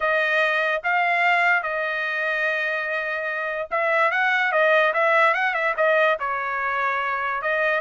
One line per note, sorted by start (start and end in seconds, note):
0.00 0.81 D#5
0.83 1.63 F5
1.63 3.68 D#5
3.70 4.11 E5
4.11 4.52 F#5
4.52 4.93 D#5
4.93 5.33 E5
5.33 5.54 F#5
5.54 5.74 E5
5.76 6.17 D#5
6.19 7.42 C#5
7.42 7.80 D#5